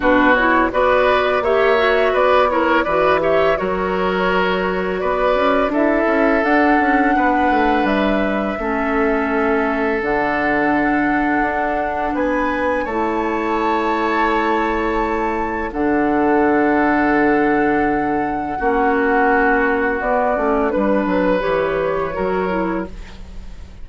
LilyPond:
<<
  \new Staff \with { instrumentName = "flute" } { \time 4/4 \tempo 4 = 84 b'8 cis''8 d''4 e''4 d''8 cis''8 | d''8 e''8 cis''2 d''4 | e''4 fis''2 e''4~ | e''2 fis''2~ |
fis''4 gis''4 a''2~ | a''2 fis''2~ | fis''1 | d''4 b'4 cis''2 | }
  \new Staff \with { instrumentName = "oboe" } { \time 4/4 fis'4 b'4 cis''4 b'8 ais'8 | b'8 cis''8 ais'2 b'4 | a'2 b'2 | a'1~ |
a'4 b'4 cis''2~ | cis''2 a'2~ | a'2 fis'2~ | fis'4 b'2 ais'4 | }
  \new Staff \with { instrumentName = "clarinet" } { \time 4/4 d'8 e'8 fis'4 g'8 fis'4 e'8 | fis'8 g'8 fis'2. | e'4 d'2. | cis'2 d'2~ |
d'2 e'2~ | e'2 d'2~ | d'2 cis'2 | b8 cis'8 d'4 g'4 fis'8 e'8 | }
  \new Staff \with { instrumentName = "bassoon" } { \time 4/4 b,4 b4 ais4 b4 | e4 fis2 b8 cis'8 | d'8 cis'8 d'8 cis'8 b8 a8 g4 | a2 d2 |
d'4 b4 a2~ | a2 d2~ | d2 ais2 | b8 a8 g8 fis8 e4 fis4 | }
>>